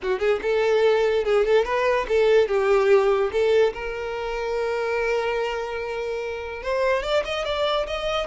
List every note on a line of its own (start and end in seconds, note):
0.02 0.19 F#4
0.19 0.39 G#4
0.41 1.24 A4
1.24 1.45 G#4
1.45 1.65 A4
1.65 2.06 B4
2.08 2.48 A4
2.48 3.30 G4
3.32 3.73 A4
3.73 6.63 A#4
6.63 7.03 C5
7.03 7.23 D5
7.24 7.45 D#5
7.45 7.86 D5
7.86 8.27 D#5